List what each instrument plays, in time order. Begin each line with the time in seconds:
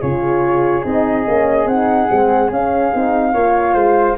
0.00 tuba C#3, horn F4, flute G#4 C#5
0.84 tuba C4, horn D#4, flute D#5
1.26 tuba A#3, horn C#4
1.66 tuba C4, horn D#4, flute F#5
2.09 tuba G#3, horn C4
2.51 tuba C#4, horn C#4, flute F5
2.93 tuba C4, horn D#4
3.33 tuba A#3, horn F4, flute C#5
3.74 tuba G#3, flute C5